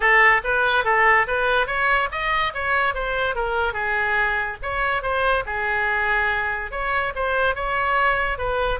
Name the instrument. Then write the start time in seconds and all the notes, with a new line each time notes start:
oboe
0.00 A4
0.43 B4
0.84 A4
1.27 B4
1.66 C#5
2.11 D#5
2.53 C#5
2.94 C5
3.35 A#4
3.73 G#4
4.62 C#5
5.02 C5
5.46 G#4
6.71 C#5
7.15 C5
7.55 C#5
8.37 B4